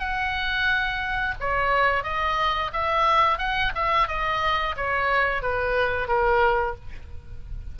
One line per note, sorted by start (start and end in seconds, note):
0.00 1.35 F#5
1.41 2.04 C#5
2.04 2.71 D#5
2.73 3.39 E5
3.39 3.73 F#5
3.75 4.08 E5
4.08 4.76 D#5
4.77 5.42 C#5
5.42 6.08 B4
6.08 6.76 A#4